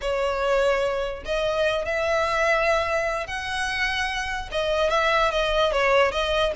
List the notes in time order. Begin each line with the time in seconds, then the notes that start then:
0.01 C#5
1.25 D#5
1.85 E5
3.26 F#5
4.51 D#5
4.90 E5
5.31 D#5
5.72 C#5
6.11 D#5